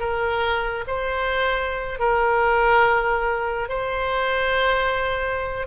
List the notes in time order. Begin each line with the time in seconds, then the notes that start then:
0.00 A#4
0.88 C5
2.00 A#4
3.69 C5